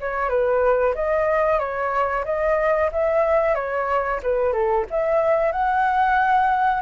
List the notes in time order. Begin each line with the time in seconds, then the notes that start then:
0.00 C#5
0.29 B4
0.94 D#5
1.59 C#5
2.25 D#5
2.91 E5
3.55 C#5
4.23 B4
4.52 A4
4.90 E5
5.52 F#5